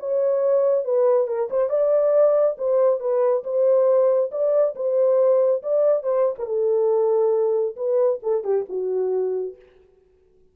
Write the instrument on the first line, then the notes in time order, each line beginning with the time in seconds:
horn
0.00 C#5
0.85 B4
1.28 A#4
1.51 C5
1.70 D5
2.58 C5
3.00 B4
3.44 C5
4.32 D5
4.76 C5
5.63 D5
6.03 C5
6.39 A#4
6.46 A4
7.77 B4
8.23 A4
8.44 G4
8.69 F#4